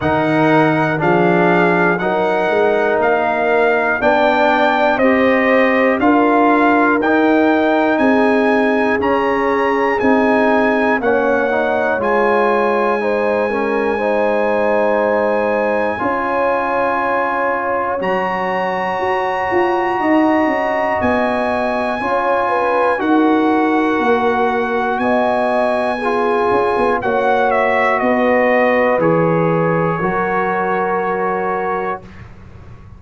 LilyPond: <<
  \new Staff \with { instrumentName = "trumpet" } { \time 4/4 \tempo 4 = 60 fis''4 f''4 fis''4 f''4 | g''4 dis''4 f''4 g''4 | gis''4 ais''4 gis''4 fis''4 | gis''1~ |
gis''2 ais''2~ | ais''4 gis''2 fis''4~ | fis''4 gis''2 fis''8 e''8 | dis''4 cis''2. | }
  \new Staff \with { instrumentName = "horn" } { \time 4/4 ais'4 gis'4 ais'2 | d''4 c''4 ais'2 | gis'2. cis''4~ | cis''4 c''8 ais'8 c''2 |
cis''1 | dis''2 cis''8 b'8 ais'4~ | ais'4 dis''4 gis'4 cis''4 | b'2 ais'2 | }
  \new Staff \with { instrumentName = "trombone" } { \time 4/4 dis'4 d'4 dis'2 | d'4 g'4 f'4 dis'4~ | dis'4 cis'4 dis'4 cis'8 dis'8 | f'4 dis'8 cis'8 dis'2 |
f'2 fis'2~ | fis'2 f'4 fis'4~ | fis'2 f'4 fis'4~ | fis'4 gis'4 fis'2 | }
  \new Staff \with { instrumentName = "tuba" } { \time 4/4 dis4 f4 fis8 gis8 ais4 | b4 c'4 d'4 dis'4 | c'4 cis'4 c'4 ais4 | gis1 |
cis'2 fis4 fis'8 f'8 | dis'8 cis'8 b4 cis'4 dis'4 | ais4 b4. cis'16 b16 ais4 | b4 e4 fis2 | }
>>